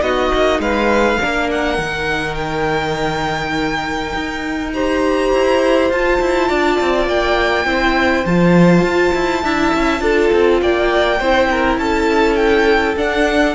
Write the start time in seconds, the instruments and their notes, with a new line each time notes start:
0.00 cello B3, viola D#4, violin F#4 D#5
0.34 cello A#3
0.59 cello G#3, violin B4 F5
1.20 cello A#3, viola D4, violin A#4
1.50 violin F#5
1.77 cello D#3, viola D#4
2.34 violin G5
4.14 cello D#4
4.73 viola G4, violin C5 A#5
5.32 cello E4
5.90 cello F4, viola F4, violin A5
6.20 cello E4
6.48 cello D4, violin D5
6.80 cello C4
7.06 cello A#3, violin G5
7.65 cello C4, viola E4, violin C5
8.25 cello F3, viola F4, violin A5
8.81 cello F4
9.14 cello E4
9.43 cello D4, viola E4, violin E5
9.74 cello C#4
9.99 cello D4, viola F4, violin A4
10.32 cello C4
10.61 cello A#3, violin D5 G5
11.19 cello C4, viola E4, violin C5
11.50 violin A#4
11.77 cello C#4, violin A4 A5
12.35 violin G5
12.96 cello D4, viola D4, violin F#5